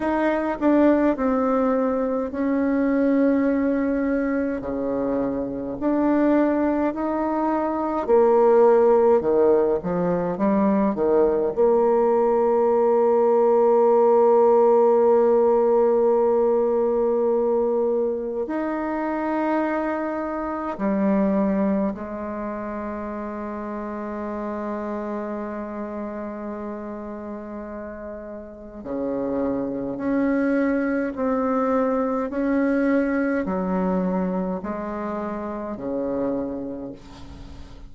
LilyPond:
\new Staff \with { instrumentName = "bassoon" } { \time 4/4 \tempo 4 = 52 dis'8 d'8 c'4 cis'2 | cis4 d'4 dis'4 ais4 | dis8 f8 g8 dis8 ais2~ | ais1 |
dis'2 g4 gis4~ | gis1~ | gis4 cis4 cis'4 c'4 | cis'4 fis4 gis4 cis4 | }